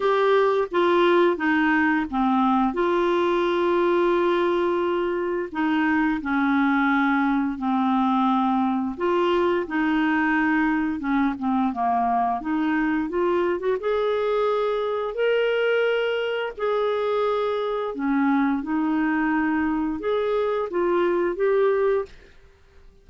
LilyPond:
\new Staff \with { instrumentName = "clarinet" } { \time 4/4 \tempo 4 = 87 g'4 f'4 dis'4 c'4 | f'1 | dis'4 cis'2 c'4~ | c'4 f'4 dis'2 |
cis'8 c'8 ais4 dis'4 f'8. fis'16 | gis'2 ais'2 | gis'2 cis'4 dis'4~ | dis'4 gis'4 f'4 g'4 | }